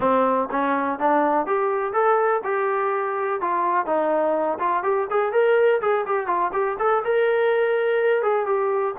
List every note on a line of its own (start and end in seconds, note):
0.00 0.48 C4
0.51 0.99 C#4
0.99 1.46 D4
1.46 1.93 G4
1.93 2.41 A4
2.43 3.40 G4
3.40 3.86 F4
3.86 4.58 D#4
4.59 4.83 F4
4.83 5.07 G4
5.10 5.32 G#4
5.32 5.80 A#4
5.81 6.05 G#4
6.05 6.26 G4
6.26 6.51 F4
6.53 6.77 G4
6.79 7.03 A4
7.04 8.22 A#4
8.22 8.45 G#4
8.45 8.94 G4